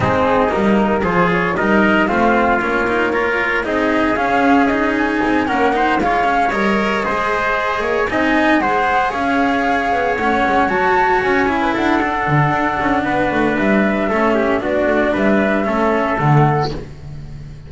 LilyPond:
<<
  \new Staff \with { instrumentName = "flute" } { \time 4/4 \tempo 4 = 115 gis'4 ais'4 c''8 cis''8 dis''4 | f''4 cis''2 dis''4 | f''4 dis''8 gis''4 fis''4 f''8~ | f''8 dis''2. gis''8~ |
gis''8 fis''4 f''2 fis''8~ | fis''8 a''4 gis''4 fis''4.~ | fis''2 e''2 | d''4 e''2 fis''4 | }
  \new Staff \with { instrumentName = "trumpet" } { \time 4/4 dis'2 gis'4 ais'4 | f'2 ais'4 gis'4~ | gis'2~ gis'8 ais'8 c''8 cis''8~ | cis''4. c''4. cis''8 dis''8~ |
dis''8 c''4 cis''2~ cis''8~ | cis''2~ cis''16 b'16 a'4.~ | a'4 b'2 a'8 g'8 | fis'4 b'4 a'2 | }
  \new Staff \with { instrumentName = "cello" } { \time 4/4 c'4 ais4 f'4 dis'4 | c'4 cis'8 dis'8 f'4 dis'4 | cis'4 dis'4. cis'8 dis'8 f'8 | cis'8 ais'4 gis'2 dis'8~ |
dis'8 gis'2. cis'8~ | cis'8 fis'4. e'4 d'4~ | d'2. cis'4 | d'2 cis'4 a4 | }
  \new Staff \with { instrumentName = "double bass" } { \time 4/4 gis4 g4 f4 g4 | a4 ais2 c'4 | cis'2 c'8 ais4 gis8~ | gis8 g4 gis4. ais8 c'8~ |
c'8 gis4 cis'4. b8 a8 | gis8 fis4 cis'4 d'4 d8 | d'8 cis'8 b8 a8 g4 a4 | b8 a8 g4 a4 d4 | }
>>